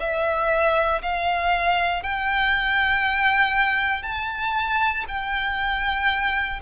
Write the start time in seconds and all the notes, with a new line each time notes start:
0.00 E5
1.02 F5
2.03 G5
4.03 A5
5.08 G5